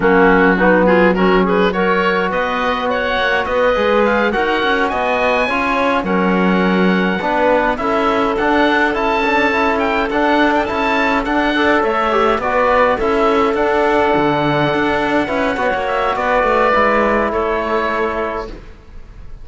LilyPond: <<
  \new Staff \with { instrumentName = "oboe" } { \time 4/4 \tempo 4 = 104 fis'4. gis'8 ais'8 b'8 cis''4 | dis''4 fis''4 dis''4 f''8 fis''8~ | fis''8 gis''2 fis''4.~ | fis''4. e''4 fis''4 a''8~ |
a''4 g''8 fis''8. g''16 a''4 fis''8~ | fis''8 e''4 d''4 e''4 fis''8~ | fis''2.~ fis''8 e''8 | d''2 cis''2 | }
  \new Staff \with { instrumentName = "clarinet" } { \time 4/4 cis'4 dis'8 f'8 fis'8 gis'8 ais'4 | b'4 cis''4 b'4. ais'8~ | ais'8 dis''4 cis''4 ais'4.~ | ais'8 b'4 a'2~ a'8~ |
a'1 | d''8 cis''4 b'4 a'4.~ | a'2~ a'8 b'8 cis''4 | b'2 a'2 | }
  \new Staff \with { instrumentName = "trombone" } { \time 4/4 ais4 b4 cis'4 fis'4~ | fis'2~ fis'8 gis'4 fis'8~ | fis'4. f'4 cis'4.~ | cis'8 d'4 e'4 d'4 e'8 |
d'8 e'4 d'4 e'4 d'8 | a'4 g'8 fis'4 e'4 d'8~ | d'2~ d'8 e'8 fis'4~ | fis'4 e'2. | }
  \new Staff \with { instrumentName = "cello" } { \time 4/4 fis1 | b4. ais8 b8 gis4 dis'8 | cis'8 b4 cis'4 fis4.~ | fis8 b4 cis'4 d'4 cis'8~ |
cis'4. d'4 cis'4 d'8~ | d'8 a4 b4 cis'4 d'8~ | d'8 d4 d'4 cis'8 b16 ais8. | b8 a8 gis4 a2 | }
>>